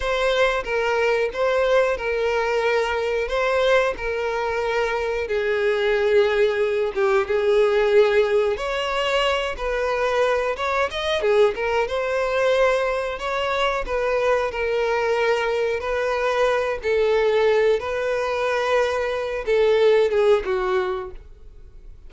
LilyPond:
\new Staff \with { instrumentName = "violin" } { \time 4/4 \tempo 4 = 91 c''4 ais'4 c''4 ais'4~ | ais'4 c''4 ais'2 | gis'2~ gis'8 g'8 gis'4~ | gis'4 cis''4. b'4. |
cis''8 dis''8 gis'8 ais'8 c''2 | cis''4 b'4 ais'2 | b'4. a'4. b'4~ | b'4. a'4 gis'8 fis'4 | }